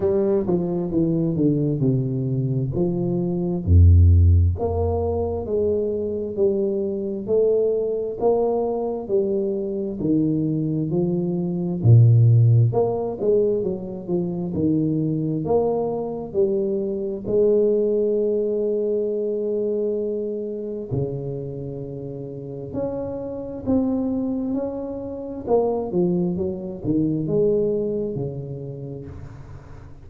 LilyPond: \new Staff \with { instrumentName = "tuba" } { \time 4/4 \tempo 4 = 66 g8 f8 e8 d8 c4 f4 | f,4 ais4 gis4 g4 | a4 ais4 g4 dis4 | f4 ais,4 ais8 gis8 fis8 f8 |
dis4 ais4 g4 gis4~ | gis2. cis4~ | cis4 cis'4 c'4 cis'4 | ais8 f8 fis8 dis8 gis4 cis4 | }